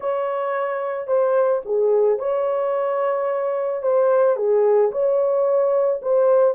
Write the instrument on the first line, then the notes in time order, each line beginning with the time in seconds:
horn
0.00 C#5
1.07 C5
1.65 G#4
2.18 C#5
3.82 C5
4.36 G#4
4.91 C#5
6.02 C5